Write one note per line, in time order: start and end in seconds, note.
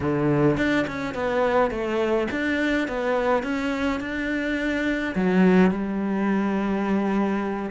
0.00 0.57 D3
0.57 0.85 D4
0.87 1.14 C#4
1.14 1.70 B3
1.70 2.27 A3
2.31 2.88 D4
2.88 3.43 B3
3.43 4.00 C#4
4.00 5.14 D4
5.15 5.71 F#3
5.71 7.71 G3